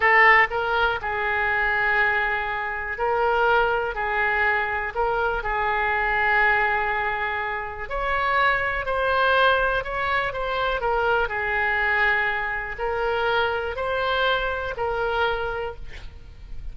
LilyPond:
\new Staff \with { instrumentName = "oboe" } { \time 4/4 \tempo 4 = 122 a'4 ais'4 gis'2~ | gis'2 ais'2 | gis'2 ais'4 gis'4~ | gis'1 |
cis''2 c''2 | cis''4 c''4 ais'4 gis'4~ | gis'2 ais'2 | c''2 ais'2 | }